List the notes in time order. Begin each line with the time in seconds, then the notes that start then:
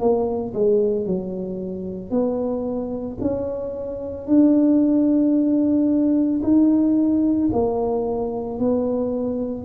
0.00 A#3
0.54 G#3
1.06 F#3
2.10 B3
3.21 C#4
4.27 D4
6.43 D#4
7.52 A#3
8.59 B3